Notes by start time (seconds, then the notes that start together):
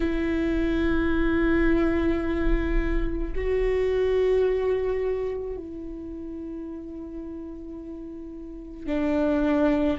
0.00 E4
3.35 F#4
5.56 E4
8.86 D4